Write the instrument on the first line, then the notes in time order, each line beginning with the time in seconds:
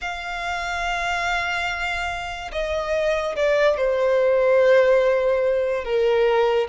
violin
0.01 F5
2.52 D#5
3.36 D5
3.77 C5
5.84 A#4